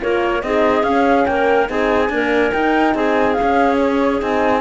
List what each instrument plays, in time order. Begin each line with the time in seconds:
0.00 cello A#3, horn F4, clarinet A#4, flute C#5
0.42 cello C4, horn D#4, clarinet G#4, flute D#5
0.83 cello C#4, horn C#4, flute F5
1.26 cello A#3, clarinet A#4, flute G5
1.67 cello C4, horn D#4, clarinet G#4, flute G#5
2.09 horn A#3, cello D4, clarinet A#4
2.53 cello D#4, horn D#4, flute G5
2.94 cello C4, clarinet G#4, flute G#5
3.33 horn C#4, flute F5
3.41 cello C#4
3.78 flute C#5
4.19 cello C4, horn D#4, flute G#5